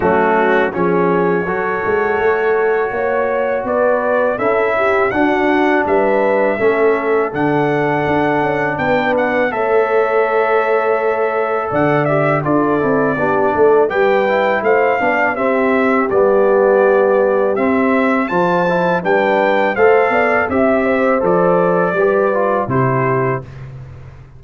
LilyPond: <<
  \new Staff \with { instrumentName = "trumpet" } { \time 4/4 \tempo 4 = 82 fis'4 cis''2.~ | cis''4 d''4 e''4 fis''4 | e''2 fis''2 | g''8 fis''8 e''2. |
fis''8 e''8 d''2 g''4 | f''4 e''4 d''2 | e''4 a''4 g''4 f''4 | e''4 d''2 c''4 | }
  \new Staff \with { instrumentName = "horn" } { \time 4/4 cis'4 gis'4 a'2 | cis''4 b'4 a'8 g'8 fis'4 | b'4 a'2. | b'4 cis''2. |
d''4 a'4 g'8 a'8 b'4 | c''8 d''8 g'2.~ | g'4 c''4 b'4 c''8 d''8 | e''8 c''4. b'4 g'4 | }
  \new Staff \with { instrumentName = "trombone" } { \time 4/4 a4 cis'4 fis'2~ | fis'2 e'4 d'4~ | d'4 cis'4 d'2~ | d'4 a'2.~ |
a'8 g'8 f'8 e'8 d'4 g'8 e'8~ | e'8 d'8 c'4 b2 | c'4 f'8 e'8 d'4 a'4 | g'4 a'4 g'8 f'8 e'4 | }
  \new Staff \with { instrumentName = "tuba" } { \time 4/4 fis4 f4 fis8 gis8 a4 | ais4 b4 cis'4 d'4 | g4 a4 d4 d'8 cis'8 | b4 a2. |
d4 d'8 c'8 b8 a8 g4 | a8 b8 c'4 g2 | c'4 f4 g4 a8 b8 | c'4 f4 g4 c4 | }
>>